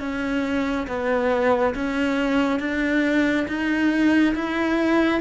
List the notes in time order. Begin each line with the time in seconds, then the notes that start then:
0.00 C#4
0.87 B3
1.75 C#4
2.60 D4
3.48 D#4
4.35 E4